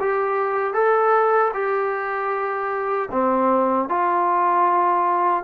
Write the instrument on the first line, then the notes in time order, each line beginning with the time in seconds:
trombone
0.00 G4
0.74 A4
1.54 G4
3.11 C4
3.89 F4